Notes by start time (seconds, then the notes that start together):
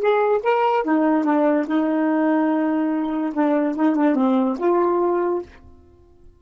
0.00 G#4
0.43 A#4
0.84 D#4
1.25 D4
1.68 D#4
3.34 D4
3.75 D#4
3.96 D4
4.16 C4
4.59 F4